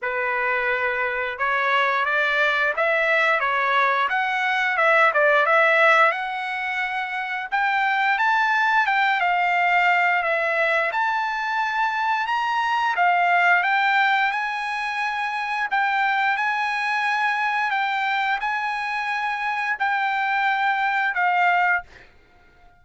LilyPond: \new Staff \with { instrumentName = "trumpet" } { \time 4/4 \tempo 4 = 88 b'2 cis''4 d''4 | e''4 cis''4 fis''4 e''8 d''8 | e''4 fis''2 g''4 | a''4 g''8 f''4. e''4 |
a''2 ais''4 f''4 | g''4 gis''2 g''4 | gis''2 g''4 gis''4~ | gis''4 g''2 f''4 | }